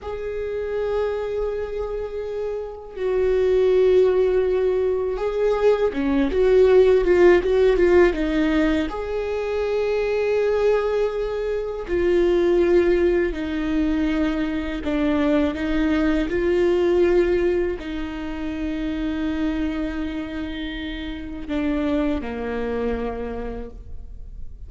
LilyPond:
\new Staff \with { instrumentName = "viola" } { \time 4/4 \tempo 4 = 81 gis'1 | fis'2. gis'4 | cis'8 fis'4 f'8 fis'8 f'8 dis'4 | gis'1 |
f'2 dis'2 | d'4 dis'4 f'2 | dis'1~ | dis'4 d'4 ais2 | }